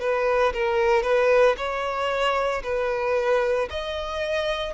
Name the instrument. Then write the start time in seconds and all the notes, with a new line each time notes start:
violin
0.00 B4
0.53 A#4
1.03 B4
1.57 C#5
2.64 B4
3.70 D#5